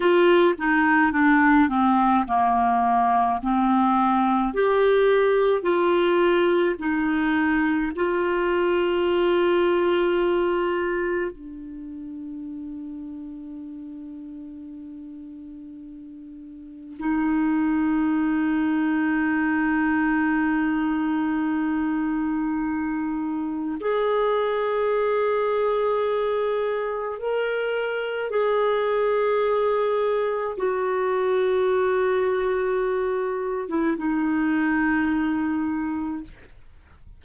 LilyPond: \new Staff \with { instrumentName = "clarinet" } { \time 4/4 \tempo 4 = 53 f'8 dis'8 d'8 c'8 ais4 c'4 | g'4 f'4 dis'4 f'4~ | f'2 d'2~ | d'2. dis'4~ |
dis'1~ | dis'4 gis'2. | ais'4 gis'2 fis'4~ | fis'4.~ fis'16 e'16 dis'2 | }